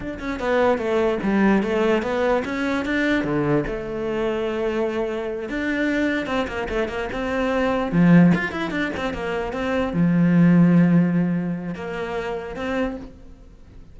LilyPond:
\new Staff \with { instrumentName = "cello" } { \time 4/4 \tempo 4 = 148 d'8 cis'8 b4 a4 g4 | a4 b4 cis'4 d'4 | d4 a2.~ | a4. d'2 c'8 |
ais8 a8 ais8 c'2 f8~ | f8 f'8 e'8 d'8 c'8 ais4 c'8~ | c'8 f2.~ f8~ | f4 ais2 c'4 | }